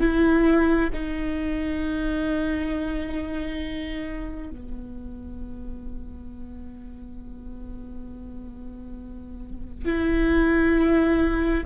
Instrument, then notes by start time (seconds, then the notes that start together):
viola
0.00 E4
0.93 D#4
4.50 B3
9.85 E4